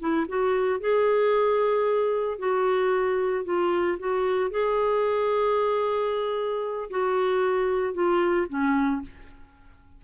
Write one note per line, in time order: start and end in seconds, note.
0.00 0.27 E4
0.28 0.80 F#4
0.80 2.39 G#4
2.39 3.45 F#4
3.45 3.98 F4
3.99 4.51 F#4
4.51 6.90 G#4
6.90 7.94 F#4
7.94 8.47 F4
8.49 9.02 C#4